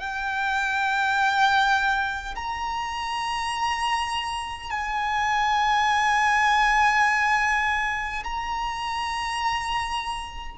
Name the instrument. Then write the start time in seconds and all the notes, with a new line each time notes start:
violin
0.00 G5
2.36 A#5
4.71 G#5
8.24 A#5